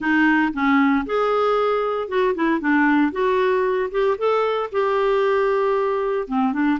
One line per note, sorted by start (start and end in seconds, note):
0.00 0.52 D#4
0.53 1.05 C#4
1.06 2.08 G#4
2.08 2.34 F#4
2.35 2.60 E4
2.60 3.11 D4
3.11 3.90 F#4
3.91 4.17 G4
4.17 4.70 A4
4.71 6.28 G4
6.28 6.52 C4
6.52 6.78 D4